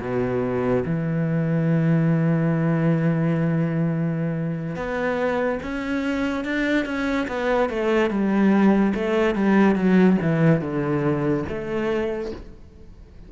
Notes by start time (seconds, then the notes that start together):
0.00 B2
0.85 E3
4.75 B3
5.62 C#4
6.44 D4
6.85 C#4
7.27 B3
7.69 A3
8.10 G3
8.94 A3
9.35 G3
9.75 F#3
10.22 E3
10.61 D3
11.48 A3